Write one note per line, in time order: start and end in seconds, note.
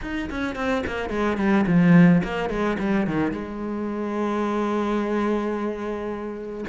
0.01 0.29 D#4
0.30 0.55 C#4
0.55 0.83 C4
0.86 1.09 A#3
1.09 1.37 G#3
1.37 1.65 G3
1.67 2.22 F3
2.23 2.49 A#3
2.49 2.77 G#3
2.79 3.06 G3
3.06 3.31 D#3
3.31 6.65 G#3